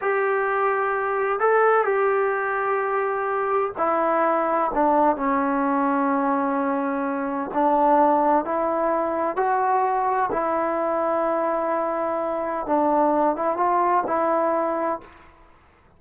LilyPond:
\new Staff \with { instrumentName = "trombone" } { \time 4/4 \tempo 4 = 128 g'2. a'4 | g'1 | e'2 d'4 cis'4~ | cis'1 |
d'2 e'2 | fis'2 e'2~ | e'2. d'4~ | d'8 e'8 f'4 e'2 | }